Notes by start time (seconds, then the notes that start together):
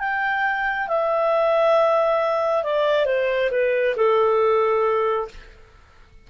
0.00 G5
0.88 E5
2.64 D5
3.06 C5
3.51 B4
3.97 A4